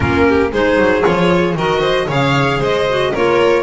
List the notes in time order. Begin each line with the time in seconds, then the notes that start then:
0.00 A#3 C#4 F4 A#4
0.28 G4
0.51 G#3 D#4 G#4 C5
0.77 F#3
1.01 F3 F4 C#5
1.55 D#3 F#4 A#4 D#5
1.80 C5
2.07 C#3 G#4 C#5 F5
2.59 G#3 C5 D#5
2.88 F#4
3.12 A#3 F4 A#4 C#5